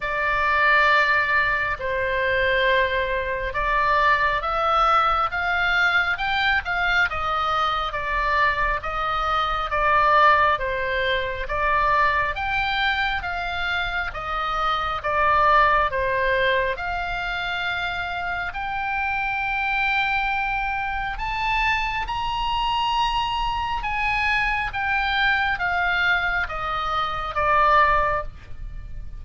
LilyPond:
\new Staff \with { instrumentName = "oboe" } { \time 4/4 \tempo 4 = 68 d''2 c''2 | d''4 e''4 f''4 g''8 f''8 | dis''4 d''4 dis''4 d''4 | c''4 d''4 g''4 f''4 |
dis''4 d''4 c''4 f''4~ | f''4 g''2. | a''4 ais''2 gis''4 | g''4 f''4 dis''4 d''4 | }